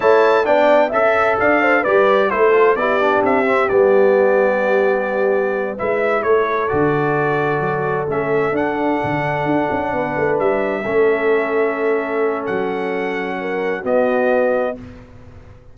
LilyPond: <<
  \new Staff \with { instrumentName = "trumpet" } { \time 4/4 \tempo 4 = 130 a''4 g''4 e''4 f''4 | d''4 c''4 d''4 e''4 | d''1~ | d''8 e''4 cis''4 d''4.~ |
d''4. e''4 fis''4.~ | fis''2~ fis''8 e''4.~ | e''2. fis''4~ | fis''2 dis''2 | }
  \new Staff \with { instrumentName = "horn" } { \time 4/4 cis''4 d''4 e''4 d''8 c''8 | b'4 a'4 g'2~ | g'1~ | g'8 b'4 a'2~ a'8~ |
a'1~ | a'4. b'2 a'8~ | a'1~ | a'4 ais'4 fis'2 | }
  \new Staff \with { instrumentName = "trombone" } { \time 4/4 e'4 d'4 a'2 | g'4 e'8 f'8 e'8 d'4 c'8 | b1~ | b8 e'2 fis'4.~ |
fis'4. cis'4 d'4.~ | d'2.~ d'8 cis'8~ | cis'1~ | cis'2 b2 | }
  \new Staff \with { instrumentName = "tuba" } { \time 4/4 a4 b4 cis'4 d'4 | g4 a4 b4 c'4 | g1~ | g8 gis4 a4 d4.~ |
d8 fis4 a4 d'4 d8~ | d8 d'8 cis'8 b8 a8 g4 a8~ | a2. fis4~ | fis2 b2 | }
>>